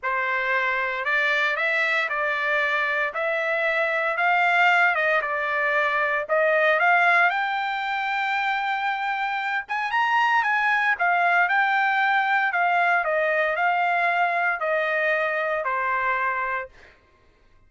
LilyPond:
\new Staff \with { instrumentName = "trumpet" } { \time 4/4 \tempo 4 = 115 c''2 d''4 e''4 | d''2 e''2 | f''4. dis''8 d''2 | dis''4 f''4 g''2~ |
g''2~ g''8 gis''8 ais''4 | gis''4 f''4 g''2 | f''4 dis''4 f''2 | dis''2 c''2 | }